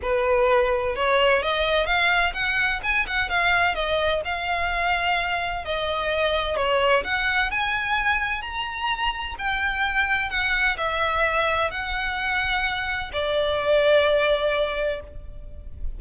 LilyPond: \new Staff \with { instrumentName = "violin" } { \time 4/4 \tempo 4 = 128 b'2 cis''4 dis''4 | f''4 fis''4 gis''8 fis''8 f''4 | dis''4 f''2. | dis''2 cis''4 fis''4 |
gis''2 ais''2 | g''2 fis''4 e''4~ | e''4 fis''2. | d''1 | }